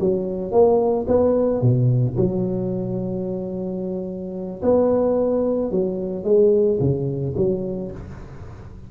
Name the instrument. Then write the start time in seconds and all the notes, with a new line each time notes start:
tuba
0.00 F#3
0.51 A#3
1.07 B3
1.61 B2
2.16 F#3
4.62 B3
5.71 F#3
6.24 G#3
6.80 C#3
7.37 F#3